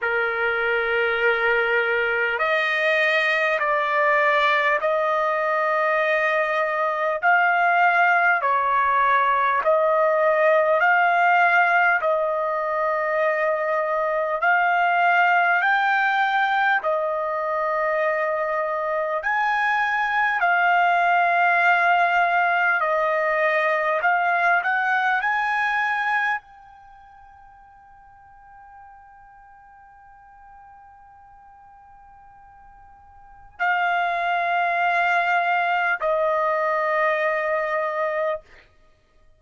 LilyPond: \new Staff \with { instrumentName = "trumpet" } { \time 4/4 \tempo 4 = 50 ais'2 dis''4 d''4 | dis''2 f''4 cis''4 | dis''4 f''4 dis''2 | f''4 g''4 dis''2 |
gis''4 f''2 dis''4 | f''8 fis''8 gis''4 g''2~ | g''1 | f''2 dis''2 | }